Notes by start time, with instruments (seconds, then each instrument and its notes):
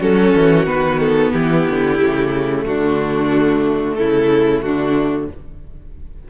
0.00 cello F#3, viola C#4, violin F#4 A4
0.35 cello E3
0.66 cello D#3, viola B3, violin B4
0.99 violin A4
1.32 cello E3, violin E4 G4
1.69 cello D3
1.99 cello C#3, viola A3
2.65 cello D3, violin D4 F#4
3.95 cello C#3, violin E4 A4
4.62 cello D3, violin D4 F#4